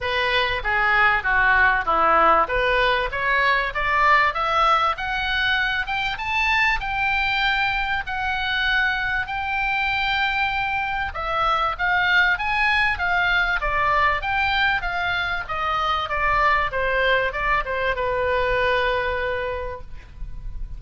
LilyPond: \new Staff \with { instrumentName = "oboe" } { \time 4/4 \tempo 4 = 97 b'4 gis'4 fis'4 e'4 | b'4 cis''4 d''4 e''4 | fis''4. g''8 a''4 g''4~ | g''4 fis''2 g''4~ |
g''2 e''4 f''4 | gis''4 f''4 d''4 g''4 | f''4 dis''4 d''4 c''4 | d''8 c''8 b'2. | }